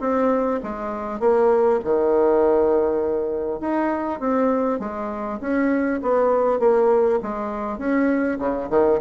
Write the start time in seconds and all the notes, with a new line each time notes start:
0.00 C4
0.63 G#3
1.19 A#3
1.84 D#3
3.60 D#4
4.19 C4
4.79 G#3
5.40 C#4
6.02 B3
6.59 A#3
7.22 G#3
7.78 C#4
8.39 C#3
8.69 D#3